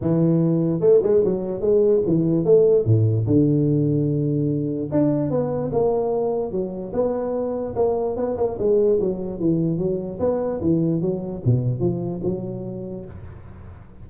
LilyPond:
\new Staff \with { instrumentName = "tuba" } { \time 4/4 \tempo 4 = 147 e2 a8 gis8 fis4 | gis4 e4 a4 a,4 | d1 | d'4 b4 ais2 |
fis4 b2 ais4 | b8 ais8 gis4 fis4 e4 | fis4 b4 e4 fis4 | b,4 f4 fis2 | }